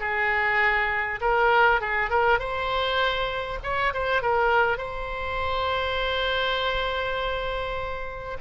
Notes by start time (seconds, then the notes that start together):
0.00 G#4
1.21 A#4
1.81 G#4
2.10 A#4
2.39 C5
3.63 C#5
3.94 C5
4.22 A#4
4.78 C5